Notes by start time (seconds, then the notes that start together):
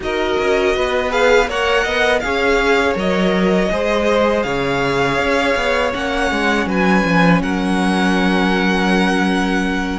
0.00 D#4 F#4 A#4 D#5
0.38 C#4
0.75 B3 B4
1.09 G#4 F5
1.48 A#3 A#4 C#5 F#5
1.83 B3 D#5
2.19 C#4 G#4 C#5 F5
2.94 F#3 A#4 D#5
3.71 G#3 G#4 C5
4.43 C#3 C#5 F5
5.18 C#4
5.55 B3
5.93 A#3 C#4 F#5
6.31 G#3
6.65 F#3 B4 G#5
7.04 F3
7.41 F#3 A#4 F#5